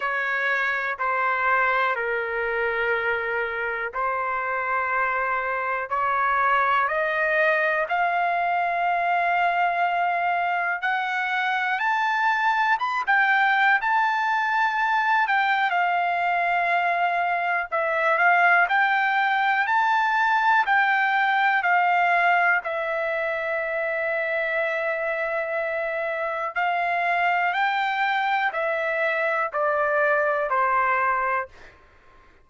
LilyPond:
\new Staff \with { instrumentName = "trumpet" } { \time 4/4 \tempo 4 = 61 cis''4 c''4 ais'2 | c''2 cis''4 dis''4 | f''2. fis''4 | a''4 b''16 g''8. a''4. g''8 |
f''2 e''8 f''8 g''4 | a''4 g''4 f''4 e''4~ | e''2. f''4 | g''4 e''4 d''4 c''4 | }